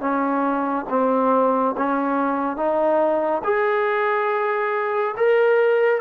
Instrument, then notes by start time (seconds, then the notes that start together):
trombone
0.00 C#4
0.89 C4
1.77 C#4
2.56 D#4
3.44 G#4
5.17 A#4